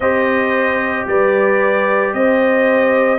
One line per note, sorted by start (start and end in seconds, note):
0.00 1.06 C4
0.00 3.18 G4
0.00 1.07 C5
0.00 1.06 D#5
1.06 2.13 G3
1.06 2.15 B4
1.06 2.13 D5
2.13 3.18 C4
2.13 3.18 C5
2.13 3.18 D#5